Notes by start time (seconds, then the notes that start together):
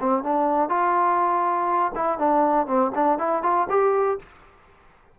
0.00 C4
0.23 D4
0.69 F4
1.95 E4
2.19 D4
2.67 C4
2.95 D4
3.18 E4
3.43 F4
3.70 G4